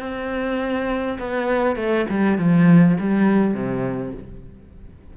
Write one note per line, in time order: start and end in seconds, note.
0.00 1.19 C4
1.19 1.77 B3
1.77 2.06 A3
2.10 2.38 G3
2.38 2.98 F3
3.01 3.54 G3
3.54 4.14 C3